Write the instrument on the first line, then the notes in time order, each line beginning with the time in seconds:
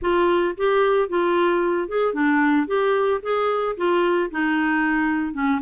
clarinet
0.01 F4
0.57 G4
1.08 F4
1.88 G#4
2.13 D4
2.67 G4
3.22 G#4
3.76 F4
4.31 D#4
5.33 C#4